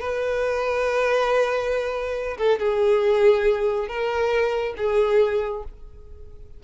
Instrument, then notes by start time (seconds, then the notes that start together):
violin
0.00 B4
2.38 A4
2.59 G#4
3.88 A#4
4.77 G#4